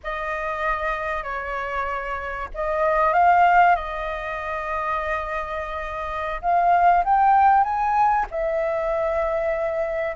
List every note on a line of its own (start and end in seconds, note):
0.03 1.23 D#5
1.23 2.48 C#5
2.54 3.13 D#5
3.13 3.75 F5
3.75 6.41 D#5
6.41 7.04 F5
7.04 7.63 G5
7.63 8.26 G#5
8.30 10.16 E5